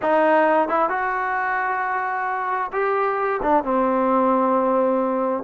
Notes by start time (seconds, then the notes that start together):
0.01 D#4
0.68 E4
0.89 F#4
2.72 G4
3.42 D4
3.64 C4